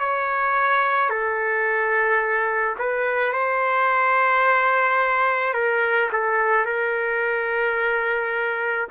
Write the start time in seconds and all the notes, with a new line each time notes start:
0.00 C#5
1.10 A4
2.79 B4
3.33 C5
5.54 A#4
6.12 A4
6.66 A#4